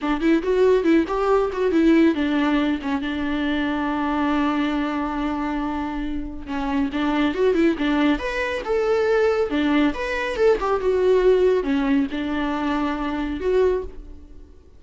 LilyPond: \new Staff \with { instrumentName = "viola" } { \time 4/4 \tempo 4 = 139 d'8 e'8 fis'4 e'8 g'4 fis'8 | e'4 d'4. cis'8 d'4~ | d'1~ | d'2. cis'4 |
d'4 fis'8 e'8 d'4 b'4 | a'2 d'4 b'4 | a'8 g'8 fis'2 cis'4 | d'2. fis'4 | }